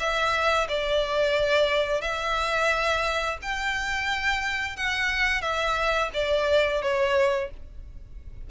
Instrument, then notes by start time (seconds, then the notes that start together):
violin
0.00 E5
0.69 D5
2.02 E5
3.42 G5
4.77 F#5
5.42 E5
6.14 D5
6.82 C#5